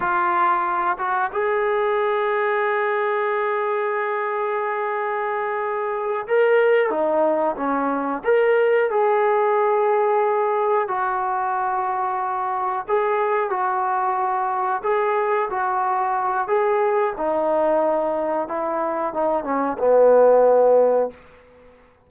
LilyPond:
\new Staff \with { instrumentName = "trombone" } { \time 4/4 \tempo 4 = 91 f'4. fis'8 gis'2~ | gis'1~ | gis'4. ais'4 dis'4 cis'8~ | cis'8 ais'4 gis'2~ gis'8~ |
gis'8 fis'2. gis'8~ | gis'8 fis'2 gis'4 fis'8~ | fis'4 gis'4 dis'2 | e'4 dis'8 cis'8 b2 | }